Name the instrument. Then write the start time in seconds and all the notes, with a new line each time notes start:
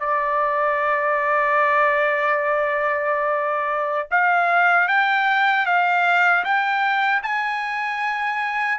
trumpet
0.00 D5
4.11 F5
4.88 G5
5.66 F5
6.44 G5
7.23 G#5